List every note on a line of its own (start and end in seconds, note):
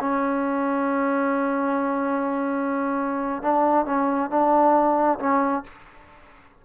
0.00 3.42 C#4
3.42 3.85 D4
3.85 4.30 C#4
4.30 5.19 D4
5.19 5.64 C#4